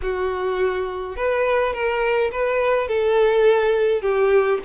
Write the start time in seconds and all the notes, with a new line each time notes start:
0.02 F#4
1.16 B4
1.73 A#4
2.31 B4
2.88 A4
4.01 G4